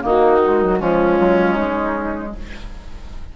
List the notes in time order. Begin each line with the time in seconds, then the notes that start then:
0.00 D#3 A#3 D#4 F#4
0.44 G#3
0.62 F#3
0.79 F3 G#3 C#4 F4
1.19 F#3
1.56 G#3 D#4